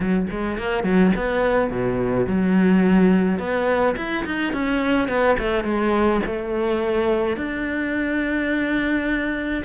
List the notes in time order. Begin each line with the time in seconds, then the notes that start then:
0.00 F#3
0.30 G#3
0.58 A#3
0.83 F#3
1.16 B3
1.70 B2
2.26 F#3
3.38 B3
3.96 E4
4.25 D#4
4.53 C#4
5.08 B3
5.38 A3
5.64 G#3
6.25 A3
7.36 D4